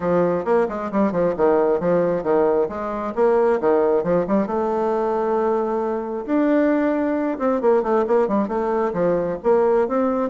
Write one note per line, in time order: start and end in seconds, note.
0.00 0.45 F3
0.45 0.67 A#3
0.68 0.91 G#3
0.91 1.12 G3
1.12 1.34 F3
1.37 1.80 D#3
1.80 2.23 F3
2.23 2.68 D#3
2.68 3.13 G#3
3.15 3.59 A#3
3.60 4.03 D#3
4.03 4.25 F3
4.27 4.46 G3
4.46 6.25 A3
6.26 7.38 D4
7.38 7.61 C4
7.61 7.82 A#3
7.82 8.05 A3
8.07 8.28 A#3
8.28 8.47 G3
8.47 8.92 A3
8.93 9.37 F3
9.43 9.87 A#3
9.88 10.29 C4